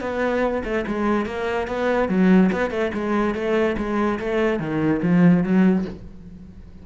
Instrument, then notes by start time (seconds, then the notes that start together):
cello
0.00 B3
0.64 A3
0.87 G#3
1.26 A#3
1.67 B3
2.08 F#3
2.52 B3
2.70 A3
2.94 G#3
3.34 A3
3.77 G#3
4.19 A3
4.59 D#3
5.02 F3
5.43 F#3